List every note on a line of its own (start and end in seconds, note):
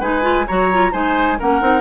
0.00 0.46 G#3
0.00 0.22 D#4
0.00 0.46 B4
0.00 0.47 G#5
0.22 0.45 F4
0.47 0.93 F#3
0.47 0.71 F#4
0.47 0.92 C#5
0.47 0.93 A#5
0.72 0.92 F4
0.92 1.39 G#3
0.92 1.38 D#4
0.92 1.38 C5
0.92 1.39 G#5
1.39 1.61 A#3
1.39 1.61 C#4
1.39 1.81 A#4
1.39 1.81 F#5
1.61 1.81 C4
1.61 1.81 D#4